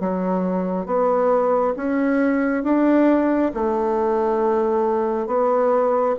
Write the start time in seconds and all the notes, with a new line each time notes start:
0.00 F#3
0.86 B3
1.76 C#4
2.64 D4
3.54 A3
5.27 B3